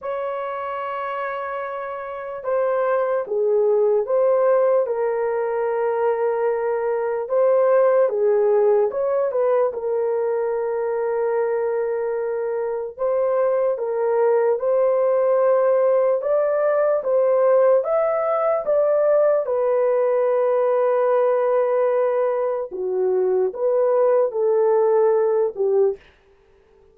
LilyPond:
\new Staff \with { instrumentName = "horn" } { \time 4/4 \tempo 4 = 74 cis''2. c''4 | gis'4 c''4 ais'2~ | ais'4 c''4 gis'4 cis''8 b'8 | ais'1 |
c''4 ais'4 c''2 | d''4 c''4 e''4 d''4 | b'1 | fis'4 b'4 a'4. g'8 | }